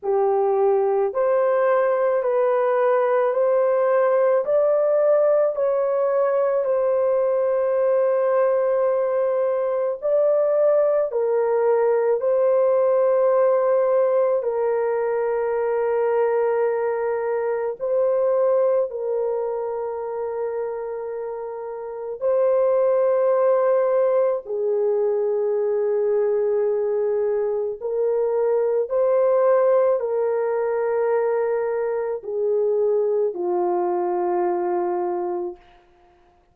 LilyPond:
\new Staff \with { instrumentName = "horn" } { \time 4/4 \tempo 4 = 54 g'4 c''4 b'4 c''4 | d''4 cis''4 c''2~ | c''4 d''4 ais'4 c''4~ | c''4 ais'2. |
c''4 ais'2. | c''2 gis'2~ | gis'4 ais'4 c''4 ais'4~ | ais'4 gis'4 f'2 | }